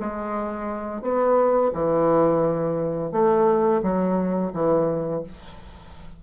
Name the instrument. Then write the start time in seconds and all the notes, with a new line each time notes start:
bassoon
0.00 G#3
1.02 B3
1.74 E3
3.12 A3
3.83 F#3
4.53 E3